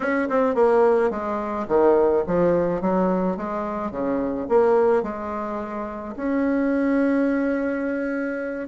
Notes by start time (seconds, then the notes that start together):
0.00 C#4
0.29 C4
0.55 A#3
1.10 G#3
1.68 D#3
2.26 F3
2.81 F#3
3.36 G#3
3.91 C#3
4.48 A#3
5.02 G#3
6.16 C#4